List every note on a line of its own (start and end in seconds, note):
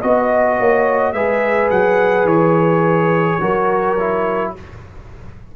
0.00 0.60 B3
0.00 1.15 F#4
0.00 0.57 D#5
0.00 1.13 D#5
0.59 1.13 A#3
0.59 1.14 C#5
1.13 1.70 G#3
1.13 3.41 G#4
1.13 3.41 B4
1.13 1.70 E5
1.71 2.25 F#3
1.71 2.27 F#5
2.25 3.38 E3
2.25 4.54 C#5
3.41 4.54 F#3
3.41 3.98 F#4
3.41 4.54 A#4
4.00 4.56 E4